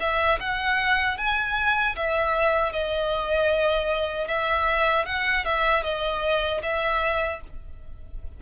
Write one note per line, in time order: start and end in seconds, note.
0.00 0.39 E5
0.40 1.18 F#5
1.18 1.96 G#5
1.96 2.72 E5
2.72 4.28 D#5
4.28 5.06 E5
5.06 5.45 F#5
5.45 5.83 E5
5.83 6.61 D#5
6.62 7.40 E5